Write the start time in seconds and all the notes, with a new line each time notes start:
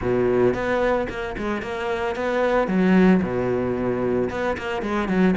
0.01 B2
0.54 B3
1.09 A#3
1.37 G#3
1.62 A#3
2.15 B3
2.67 F#3
3.22 B2
4.30 B3
4.57 A#3
4.82 G#3
5.08 F#3